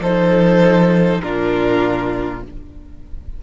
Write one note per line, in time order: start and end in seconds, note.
0.00 1.20 F3
0.00 1.23 D#4
0.00 1.22 A4
0.00 1.21 C5
1.21 2.43 A#2
1.21 2.43 D4
1.21 2.44 F4
1.21 2.41 A#4